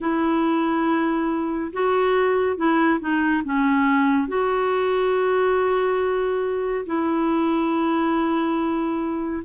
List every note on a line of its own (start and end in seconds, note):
0.00 1.72 E4
1.72 2.56 F#4
2.56 2.99 E4
3.00 3.42 D#4
3.44 4.27 C#4
4.27 6.85 F#4
6.86 9.43 E4